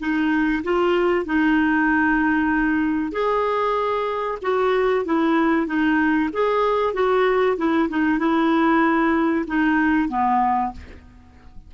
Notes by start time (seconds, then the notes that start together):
0.00 D#4
0.64 F4
1.26 D#4
3.12 G#4
4.42 F#4
5.05 E4
5.67 D#4
6.33 G#4
6.94 F#4
7.57 E4
7.89 D#4
8.19 E4
9.47 D#4
10.09 B3